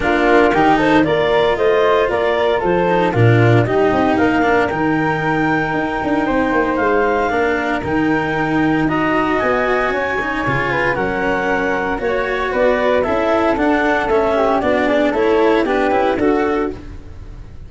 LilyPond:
<<
  \new Staff \with { instrumentName = "clarinet" } { \time 4/4 \tempo 4 = 115 ais'4. c''8 d''4 dis''4 | d''4 c''4 ais'4 dis''4 | f''4 g''2.~ | g''4 f''2 g''4~ |
g''4 ais''4 gis''2~ | gis''4 fis''2 cis''4 | d''4 e''4 fis''4 e''4 | d''4 cis''4 b'4 a'4 | }
  \new Staff \with { instrumentName = "flute" } { \time 4/4 f'4 g'8 a'8 ais'4 c''4 | ais'4 a'4 f'4 g'4 | ais'1 | c''2 ais'2~ |
ais'4 dis''2 cis''4~ | cis''8 b'8 ais'2 cis''4 | b'4 a'2~ a'8 g'8 | fis'8 gis'8 a'4 g'4 fis'4 | }
  \new Staff \with { instrumentName = "cello" } { \time 4/4 d'4 dis'4 f'2~ | f'4. dis'8 d'4 dis'4~ | dis'8 d'8 dis'2.~ | dis'2 d'4 dis'4~ |
dis'4 fis'2~ fis'8 dis'8 | f'4 cis'2 fis'4~ | fis'4 e'4 d'4 cis'4 | d'4 e'4 d'8 e'8 fis'4 | }
  \new Staff \with { instrumentName = "tuba" } { \time 4/4 ais4 dis4 ais4 a4 | ais4 f4 ais,4 g8 c'8 | ais4 dis2 dis'8 d'8 | c'8 ais8 gis4 ais4 dis4~ |
dis4 dis'4 b4 cis'4 | cis4 fis2 ais4 | b4 cis'4 d'4 a4 | b4 a4 b8 cis'8 d'4 | }
>>